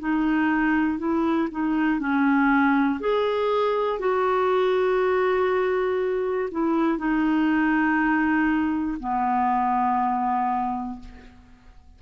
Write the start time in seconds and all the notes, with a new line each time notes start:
0.00 D#4
0.98 E4
1.51 D#4
2.00 C#4
3.00 G#4
4.00 F#4
6.51 E4
6.98 D#4
9.00 B3